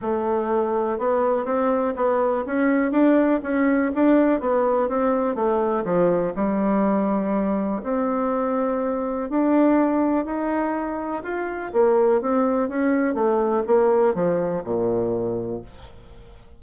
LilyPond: \new Staff \with { instrumentName = "bassoon" } { \time 4/4 \tempo 4 = 123 a2 b4 c'4 | b4 cis'4 d'4 cis'4 | d'4 b4 c'4 a4 | f4 g2. |
c'2. d'4~ | d'4 dis'2 f'4 | ais4 c'4 cis'4 a4 | ais4 f4 ais,2 | }